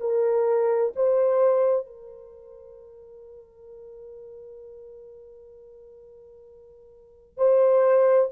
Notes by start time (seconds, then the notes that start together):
0.00 A#4
0.96 C5
1.86 A#4
7.37 C5